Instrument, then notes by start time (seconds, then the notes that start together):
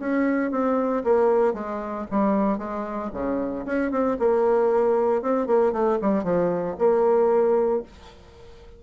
bassoon
0.00 C#4
0.51 C4
1.04 A#3
1.54 G#3
2.11 G3
2.58 G#3
3.14 C#3
3.66 C#4
3.92 C4
4.20 A#3
5.23 C4
5.47 A#3
5.73 A3
6.02 G3
6.24 F3
6.79 A#3